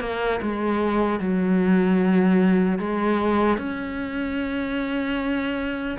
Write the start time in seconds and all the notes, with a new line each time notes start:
0.00 A#3
0.41 G#3
1.20 F#3
2.79 G#3
3.57 C#4